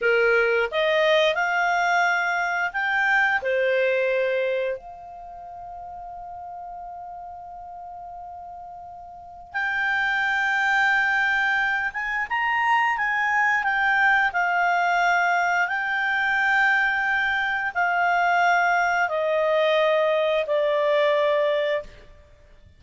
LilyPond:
\new Staff \with { instrumentName = "clarinet" } { \time 4/4 \tempo 4 = 88 ais'4 dis''4 f''2 | g''4 c''2 f''4~ | f''1~ | f''2 g''2~ |
g''4. gis''8 ais''4 gis''4 | g''4 f''2 g''4~ | g''2 f''2 | dis''2 d''2 | }